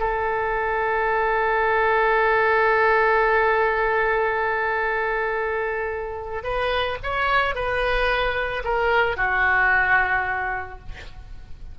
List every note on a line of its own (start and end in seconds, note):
0.00 6.44 A4
6.44 6.98 B4
7.03 7.56 C#5
7.56 8.64 B4
8.65 9.17 A#4
9.17 10.79 F#4